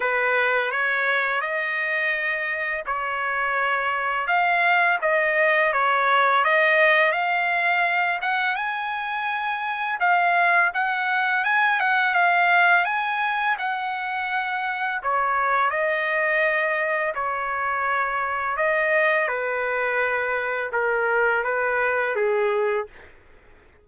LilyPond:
\new Staff \with { instrumentName = "trumpet" } { \time 4/4 \tempo 4 = 84 b'4 cis''4 dis''2 | cis''2 f''4 dis''4 | cis''4 dis''4 f''4. fis''8 | gis''2 f''4 fis''4 |
gis''8 fis''8 f''4 gis''4 fis''4~ | fis''4 cis''4 dis''2 | cis''2 dis''4 b'4~ | b'4 ais'4 b'4 gis'4 | }